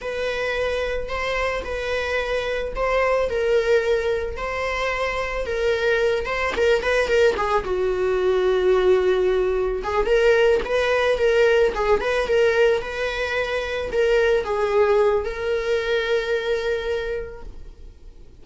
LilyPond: \new Staff \with { instrumentName = "viola" } { \time 4/4 \tempo 4 = 110 b'2 c''4 b'4~ | b'4 c''4 ais'2 | c''2 ais'4. c''8 | ais'8 b'8 ais'8 gis'8 fis'2~ |
fis'2 gis'8 ais'4 b'8~ | b'8 ais'4 gis'8 b'8 ais'4 b'8~ | b'4. ais'4 gis'4. | ais'1 | }